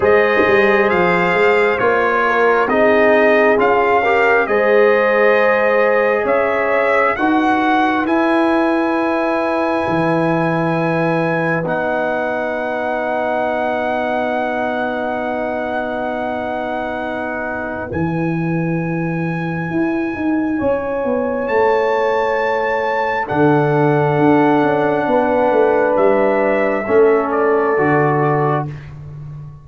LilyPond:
<<
  \new Staff \with { instrumentName = "trumpet" } { \time 4/4 \tempo 4 = 67 dis''4 f''4 cis''4 dis''4 | f''4 dis''2 e''4 | fis''4 gis''2.~ | gis''4 fis''2.~ |
fis''1 | gis''1 | a''2 fis''2~ | fis''4 e''4. d''4. | }
  \new Staff \with { instrumentName = "horn" } { \time 4/4 c''2~ c''8 ais'8 gis'4~ | gis'8 ais'8 c''2 cis''4 | b'1~ | b'1~ |
b'1~ | b'2. cis''4~ | cis''2 a'2 | b'2 a'2 | }
  \new Staff \with { instrumentName = "trombone" } { \time 4/4 gis'2 f'4 dis'4 | f'8 g'8 gis'2. | fis'4 e'2.~ | e'4 dis'2.~ |
dis'1 | e'1~ | e'2 d'2~ | d'2 cis'4 fis'4 | }
  \new Staff \with { instrumentName = "tuba" } { \time 4/4 gis8 g8 f8 gis8 ais4 c'4 | cis'4 gis2 cis'4 | dis'4 e'2 e4~ | e4 b2.~ |
b1 | e2 e'8 dis'8 cis'8 b8 | a2 d4 d'8 cis'8 | b8 a8 g4 a4 d4 | }
>>